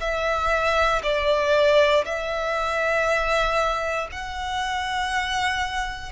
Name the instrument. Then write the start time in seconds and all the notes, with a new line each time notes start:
violin
0.00 E5
1.03 D5
2.05 E5
4.12 F#5